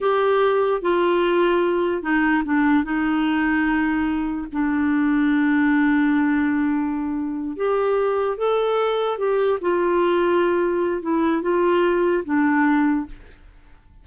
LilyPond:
\new Staff \with { instrumentName = "clarinet" } { \time 4/4 \tempo 4 = 147 g'2 f'2~ | f'4 dis'4 d'4 dis'4~ | dis'2. d'4~ | d'1~ |
d'2~ d'8 g'4.~ | g'8 a'2 g'4 f'8~ | f'2. e'4 | f'2 d'2 | }